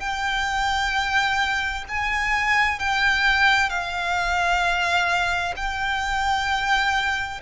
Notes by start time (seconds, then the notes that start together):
0.00 G5
1.89 G#5
2.79 G5
3.70 F5
5.57 G5